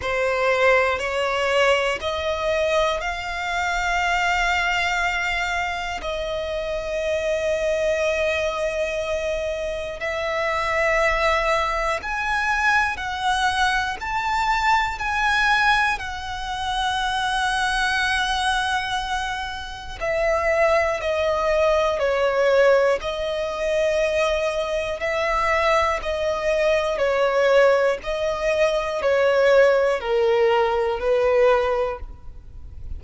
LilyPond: \new Staff \with { instrumentName = "violin" } { \time 4/4 \tempo 4 = 60 c''4 cis''4 dis''4 f''4~ | f''2 dis''2~ | dis''2 e''2 | gis''4 fis''4 a''4 gis''4 |
fis''1 | e''4 dis''4 cis''4 dis''4~ | dis''4 e''4 dis''4 cis''4 | dis''4 cis''4 ais'4 b'4 | }